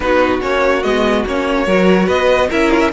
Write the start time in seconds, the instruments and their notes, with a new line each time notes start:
0.00 cello B3, viola D#4, violin F#4 B4
0.40 cello A#3, viola C#4, violin C#5
0.83 cello G#3, viola B3, violin D#5
1.26 cello A#3, viola C#4, violin C#5
1.66 cello F#3, viola F#4, violin A#4
2.06 cello B3, violin B4 D#5
2.49 cello C#4, viola E4, violin A#4 E5
2.70 violin F4
2.79 violin E5